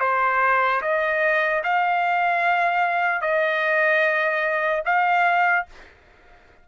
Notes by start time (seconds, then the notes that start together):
0.00 C5
0.81 D#5
1.64 F5
3.21 D#5
4.85 F5